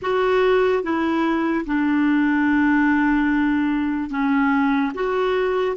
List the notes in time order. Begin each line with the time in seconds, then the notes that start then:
0.01 F#4
0.83 E4
1.66 D4
4.09 C#4
4.94 F#4